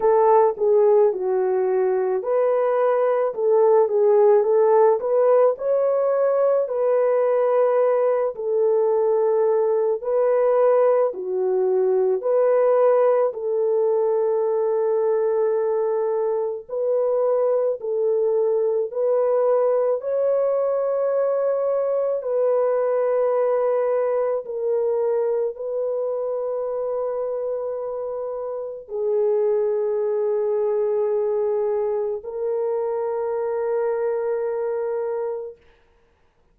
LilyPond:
\new Staff \with { instrumentName = "horn" } { \time 4/4 \tempo 4 = 54 a'8 gis'8 fis'4 b'4 a'8 gis'8 | a'8 b'8 cis''4 b'4. a'8~ | a'4 b'4 fis'4 b'4 | a'2. b'4 |
a'4 b'4 cis''2 | b'2 ais'4 b'4~ | b'2 gis'2~ | gis'4 ais'2. | }